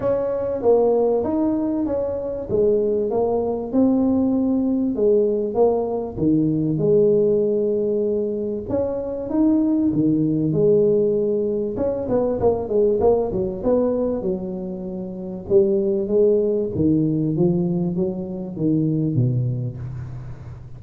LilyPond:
\new Staff \with { instrumentName = "tuba" } { \time 4/4 \tempo 4 = 97 cis'4 ais4 dis'4 cis'4 | gis4 ais4 c'2 | gis4 ais4 dis4 gis4~ | gis2 cis'4 dis'4 |
dis4 gis2 cis'8 b8 | ais8 gis8 ais8 fis8 b4 fis4~ | fis4 g4 gis4 dis4 | f4 fis4 dis4 b,4 | }